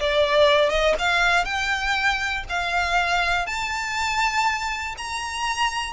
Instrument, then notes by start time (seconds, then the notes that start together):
violin
0.00 D5
0.70 D#5
0.99 F5
1.45 G5
2.49 F5
3.46 A5
4.98 A#5